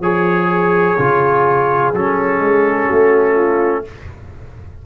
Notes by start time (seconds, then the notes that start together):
0.00 F3 G#4 C#5
0.99 C#3 F4
1.94 F#3 C#4 A4
2.39 G#3
2.87 A3 F#4
3.35 F4